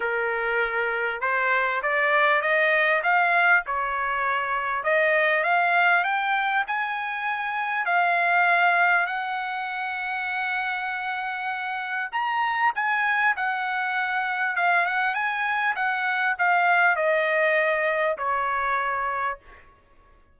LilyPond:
\new Staff \with { instrumentName = "trumpet" } { \time 4/4 \tempo 4 = 99 ais'2 c''4 d''4 | dis''4 f''4 cis''2 | dis''4 f''4 g''4 gis''4~ | gis''4 f''2 fis''4~ |
fis''1 | ais''4 gis''4 fis''2 | f''8 fis''8 gis''4 fis''4 f''4 | dis''2 cis''2 | }